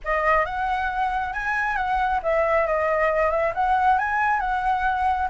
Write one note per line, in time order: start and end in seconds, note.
0.04 0.45 D#5
0.45 1.33 F#5
1.33 1.76 G#5
1.76 2.20 F#5
2.22 2.66 E5
2.66 3.30 D#5
3.30 3.52 E5
3.54 3.98 F#5
3.98 4.40 G#5
4.40 5.28 F#5